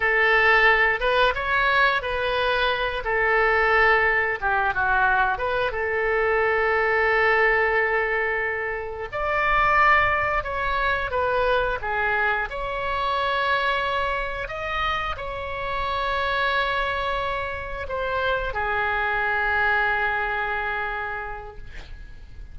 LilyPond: \new Staff \with { instrumentName = "oboe" } { \time 4/4 \tempo 4 = 89 a'4. b'8 cis''4 b'4~ | b'8 a'2 g'8 fis'4 | b'8 a'2.~ a'8~ | a'4. d''2 cis''8~ |
cis''8 b'4 gis'4 cis''4.~ | cis''4. dis''4 cis''4.~ | cis''2~ cis''8 c''4 gis'8~ | gis'1 | }